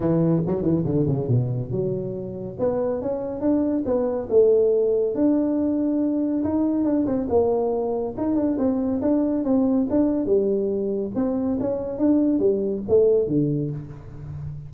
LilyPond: \new Staff \with { instrumentName = "tuba" } { \time 4/4 \tempo 4 = 140 e4 fis8 e8 d8 cis8 b,4 | fis2 b4 cis'4 | d'4 b4 a2 | d'2. dis'4 |
d'8 c'8 ais2 dis'8 d'8 | c'4 d'4 c'4 d'4 | g2 c'4 cis'4 | d'4 g4 a4 d4 | }